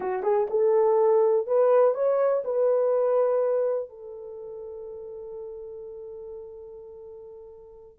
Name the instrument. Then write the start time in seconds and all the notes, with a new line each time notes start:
horn
0.00 F#4
0.22 G#4
0.49 A4
1.46 B4
1.94 C#5
2.44 B4
3.89 A4